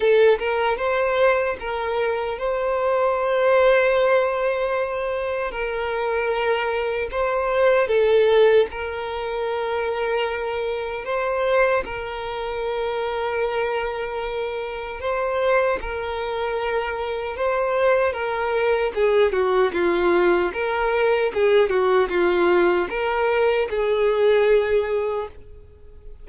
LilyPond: \new Staff \with { instrumentName = "violin" } { \time 4/4 \tempo 4 = 76 a'8 ais'8 c''4 ais'4 c''4~ | c''2. ais'4~ | ais'4 c''4 a'4 ais'4~ | ais'2 c''4 ais'4~ |
ais'2. c''4 | ais'2 c''4 ais'4 | gis'8 fis'8 f'4 ais'4 gis'8 fis'8 | f'4 ais'4 gis'2 | }